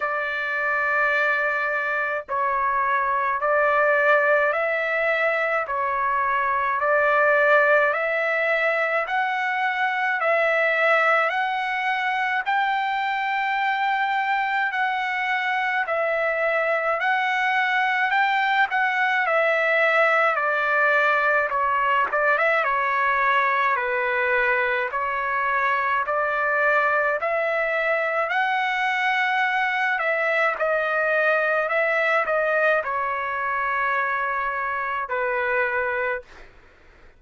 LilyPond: \new Staff \with { instrumentName = "trumpet" } { \time 4/4 \tempo 4 = 53 d''2 cis''4 d''4 | e''4 cis''4 d''4 e''4 | fis''4 e''4 fis''4 g''4~ | g''4 fis''4 e''4 fis''4 |
g''8 fis''8 e''4 d''4 cis''8 d''16 e''16 | cis''4 b'4 cis''4 d''4 | e''4 fis''4. e''8 dis''4 | e''8 dis''8 cis''2 b'4 | }